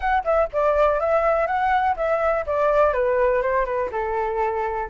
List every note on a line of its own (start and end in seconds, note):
0.00 0.23 F#5
0.24 0.49 E5
0.52 1.00 D5
1.00 1.47 E5
1.47 1.95 F#5
1.96 2.45 E5
2.46 2.93 D5
2.93 3.42 B4
3.42 3.65 C5
3.65 3.89 B4
3.91 4.89 A4